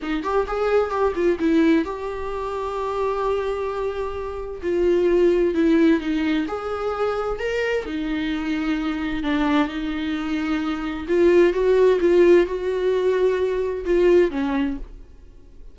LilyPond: \new Staff \with { instrumentName = "viola" } { \time 4/4 \tempo 4 = 130 dis'8 g'8 gis'4 g'8 f'8 e'4 | g'1~ | g'2 f'2 | e'4 dis'4 gis'2 |
ais'4 dis'2. | d'4 dis'2. | f'4 fis'4 f'4 fis'4~ | fis'2 f'4 cis'4 | }